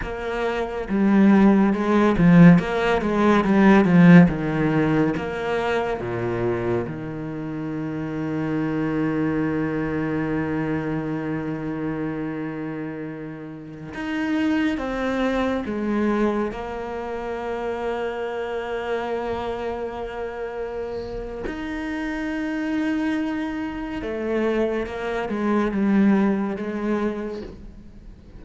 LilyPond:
\new Staff \with { instrumentName = "cello" } { \time 4/4 \tempo 4 = 70 ais4 g4 gis8 f8 ais8 gis8 | g8 f8 dis4 ais4 ais,4 | dis1~ | dis1~ |
dis16 dis'4 c'4 gis4 ais8.~ | ais1~ | ais4 dis'2. | a4 ais8 gis8 g4 gis4 | }